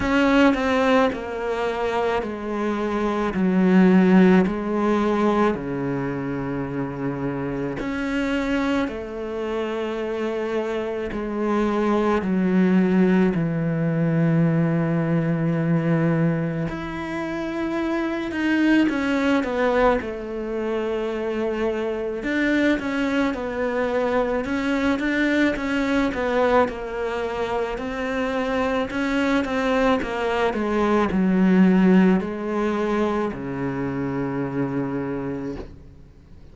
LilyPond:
\new Staff \with { instrumentName = "cello" } { \time 4/4 \tempo 4 = 54 cis'8 c'8 ais4 gis4 fis4 | gis4 cis2 cis'4 | a2 gis4 fis4 | e2. e'4~ |
e'8 dis'8 cis'8 b8 a2 | d'8 cis'8 b4 cis'8 d'8 cis'8 b8 | ais4 c'4 cis'8 c'8 ais8 gis8 | fis4 gis4 cis2 | }